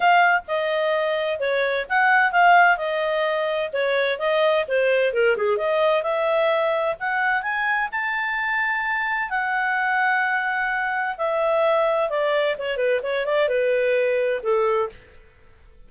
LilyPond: \new Staff \with { instrumentName = "clarinet" } { \time 4/4 \tempo 4 = 129 f''4 dis''2 cis''4 | fis''4 f''4 dis''2 | cis''4 dis''4 c''4 ais'8 gis'8 | dis''4 e''2 fis''4 |
gis''4 a''2. | fis''1 | e''2 d''4 cis''8 b'8 | cis''8 d''8 b'2 a'4 | }